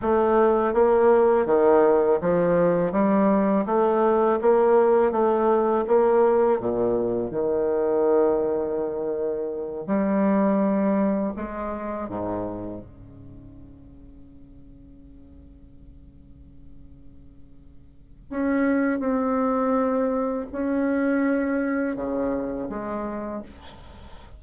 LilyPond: \new Staff \with { instrumentName = "bassoon" } { \time 4/4 \tempo 4 = 82 a4 ais4 dis4 f4 | g4 a4 ais4 a4 | ais4 ais,4 dis2~ | dis4. g2 gis8~ |
gis8 gis,4 cis2~ cis8~ | cis1~ | cis4 cis'4 c'2 | cis'2 cis4 gis4 | }